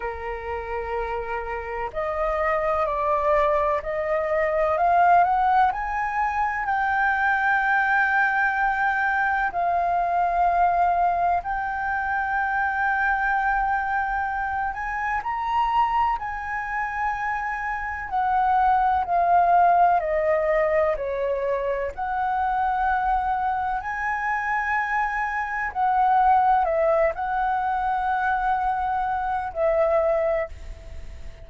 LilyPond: \new Staff \with { instrumentName = "flute" } { \time 4/4 \tempo 4 = 63 ais'2 dis''4 d''4 | dis''4 f''8 fis''8 gis''4 g''4~ | g''2 f''2 | g''2.~ g''8 gis''8 |
ais''4 gis''2 fis''4 | f''4 dis''4 cis''4 fis''4~ | fis''4 gis''2 fis''4 | e''8 fis''2~ fis''8 e''4 | }